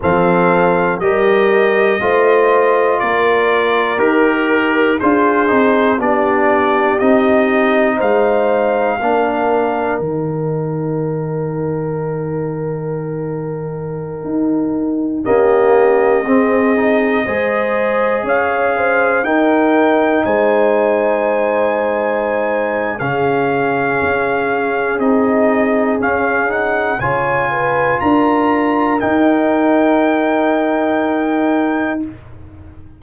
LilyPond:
<<
  \new Staff \with { instrumentName = "trumpet" } { \time 4/4 \tempo 4 = 60 f''4 dis''2 d''4 | ais'4 c''4 d''4 dis''4 | f''2 g''2~ | g''2.~ g''16 dis''8.~ |
dis''2~ dis''16 f''4 g''8.~ | g''16 gis''2~ gis''8. f''4~ | f''4 dis''4 f''8 fis''8 gis''4 | ais''4 g''2. | }
  \new Staff \with { instrumentName = "horn" } { \time 4/4 a'4 ais'4 c''4 ais'4~ | ais'4 gis'4 g'2 | c''4 ais'2.~ | ais'2.~ ais'16 g'8.~ |
g'16 gis'4 c''4 cis''8 c''8 ais'8.~ | ais'16 c''2~ c''8. gis'4~ | gis'2. cis''8 b'8 | ais'1 | }
  \new Staff \with { instrumentName = "trombone" } { \time 4/4 c'4 g'4 f'2 | g'4 f'8 dis'8 d'4 dis'4~ | dis'4 d'4 dis'2~ | dis'2.~ dis'16 ais8.~ |
ais16 c'8 dis'8 gis'2 dis'8.~ | dis'2. cis'4~ | cis'4 dis'4 cis'8 dis'8 f'4~ | f'4 dis'2. | }
  \new Staff \with { instrumentName = "tuba" } { \time 4/4 f4 g4 a4 ais4 | dis'4 d'8 c'8 b4 c'4 | gis4 ais4 dis2~ | dis2~ dis16 dis'4 cis'8.~ |
cis'16 c'4 gis4 cis'4 dis'8.~ | dis'16 gis2~ gis8. cis4 | cis'4 c'4 cis'4 cis4 | d'4 dis'2. | }
>>